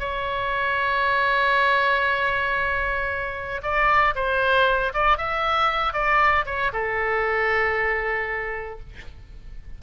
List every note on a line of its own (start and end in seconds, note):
0.00 3.62 C#5
3.63 4.15 D5
4.15 4.93 C5
4.94 5.18 D5
5.18 5.94 E5
5.94 6.46 D5
6.46 6.72 C#5
6.73 8.80 A4